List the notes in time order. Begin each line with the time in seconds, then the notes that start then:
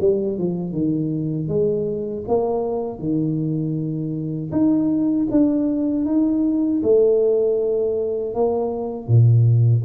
0.00 G3
0.38 F3
0.72 D#3
1.48 G#3
2.28 A#3
2.99 D#3
4.52 D#4
5.31 D4
6.05 D#4
6.83 A3
8.34 A#3
9.07 A#2